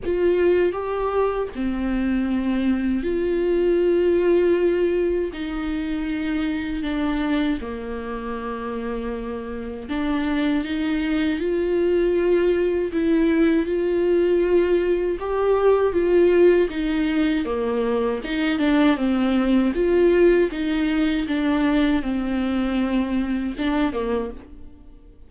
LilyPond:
\new Staff \with { instrumentName = "viola" } { \time 4/4 \tempo 4 = 79 f'4 g'4 c'2 | f'2. dis'4~ | dis'4 d'4 ais2~ | ais4 d'4 dis'4 f'4~ |
f'4 e'4 f'2 | g'4 f'4 dis'4 ais4 | dis'8 d'8 c'4 f'4 dis'4 | d'4 c'2 d'8 ais8 | }